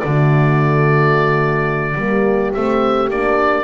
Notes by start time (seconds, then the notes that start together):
0.00 D3 A3 F#4 D5
1.95 G3 A#3 G4
2.54 A3 C4 E5
3.10 A#3 D4 D5